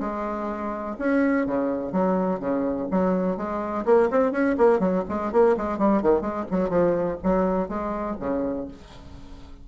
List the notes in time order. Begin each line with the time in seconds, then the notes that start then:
0.00 G#3
0.99 C#4
1.46 C#3
1.92 F#3
2.40 C#3
2.91 F#3
3.37 G#3
3.85 A#3
4.10 C4
4.32 C#4
4.58 A#3
4.79 F#3
5.08 G#3
5.32 A#3
5.57 G#3
5.78 G3
6.02 D#3
6.21 G#3
6.51 F#3
6.69 F3
7.23 F#3
7.69 G#3
8.19 C#3